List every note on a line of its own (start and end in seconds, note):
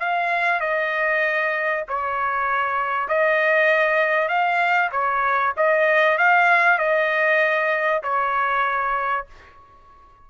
0.00 0.61 F5
0.61 1.84 D#5
1.89 3.09 C#5
3.09 4.29 D#5
4.29 4.91 F5
4.92 5.54 C#5
5.57 6.18 D#5
6.18 6.79 F5
6.79 8.03 D#5
8.03 9.27 C#5